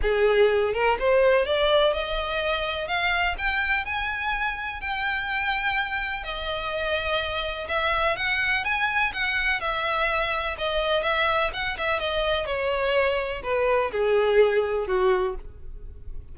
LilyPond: \new Staff \with { instrumentName = "violin" } { \time 4/4 \tempo 4 = 125 gis'4. ais'8 c''4 d''4 | dis''2 f''4 g''4 | gis''2 g''2~ | g''4 dis''2. |
e''4 fis''4 gis''4 fis''4 | e''2 dis''4 e''4 | fis''8 e''8 dis''4 cis''2 | b'4 gis'2 fis'4 | }